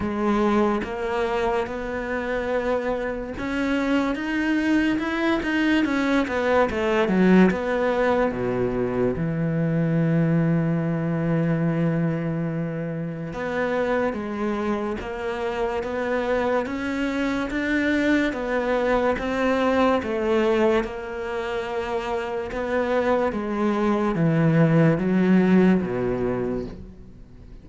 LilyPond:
\new Staff \with { instrumentName = "cello" } { \time 4/4 \tempo 4 = 72 gis4 ais4 b2 | cis'4 dis'4 e'8 dis'8 cis'8 b8 | a8 fis8 b4 b,4 e4~ | e1 |
b4 gis4 ais4 b4 | cis'4 d'4 b4 c'4 | a4 ais2 b4 | gis4 e4 fis4 b,4 | }